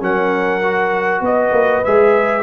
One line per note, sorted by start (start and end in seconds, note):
0.00 1.21 F#3
0.00 0.61 C#4
0.00 1.22 A#4
0.00 1.24 F#5
0.63 1.84 F#4
1.21 1.51 B3
1.21 2.43 B4
1.21 1.84 D#5
1.52 1.82 A#3
1.84 2.43 G#3
1.84 2.43 G#4
1.84 2.43 E5